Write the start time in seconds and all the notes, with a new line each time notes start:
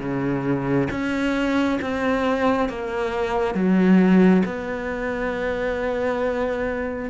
0.00 C#3
0.91 C#4
1.81 C4
2.69 A#3
3.55 F#3
4.46 B3